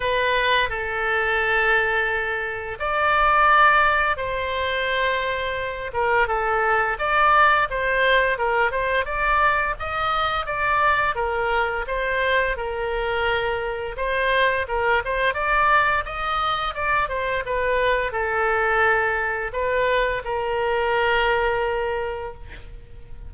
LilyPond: \new Staff \with { instrumentName = "oboe" } { \time 4/4 \tempo 4 = 86 b'4 a'2. | d''2 c''2~ | c''8 ais'8 a'4 d''4 c''4 | ais'8 c''8 d''4 dis''4 d''4 |
ais'4 c''4 ais'2 | c''4 ais'8 c''8 d''4 dis''4 | d''8 c''8 b'4 a'2 | b'4 ais'2. | }